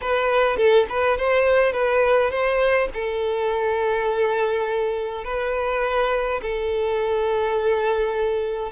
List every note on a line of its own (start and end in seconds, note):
0.01 0.57 B4
0.57 0.86 A4
0.89 1.17 B4
1.17 1.72 C5
1.72 2.30 B4
2.30 2.88 C5
2.93 5.24 A4
5.24 6.41 B4
6.42 8.71 A4